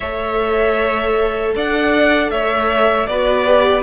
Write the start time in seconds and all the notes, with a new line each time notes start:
0.00 A3 A4 C#5 E5
1.55 D4 D5 F#5
2.30 A3 C#5 E5
3.06 B3 F#4 B4 D5
3.46 G4